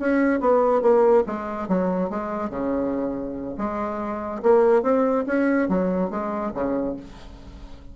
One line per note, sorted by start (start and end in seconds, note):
0.00 0.41 C#4
0.41 0.82 B3
0.82 1.24 A#3
1.27 1.69 G#3
1.69 2.10 F#3
2.10 2.50 G#3
2.50 3.56 C#3
3.58 4.43 G#3
4.43 4.83 A#3
4.83 5.25 C4
5.27 5.69 C#4
5.69 6.11 F#3
6.11 6.53 G#3
6.55 6.97 C#3